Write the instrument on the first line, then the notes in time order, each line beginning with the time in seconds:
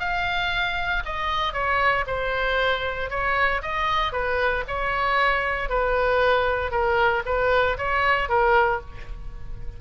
oboe
0.00 F5
1.06 D#5
1.54 C#5
2.07 C5
3.11 C#5
3.62 D#5
4.13 B4
4.68 C#5
5.70 B4
6.71 A#4
7.26 B4
7.78 C#5
8.29 A#4